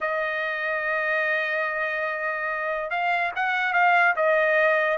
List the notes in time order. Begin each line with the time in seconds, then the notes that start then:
0.00 D#5
2.90 F5
3.35 F#5
3.73 F5
4.16 D#5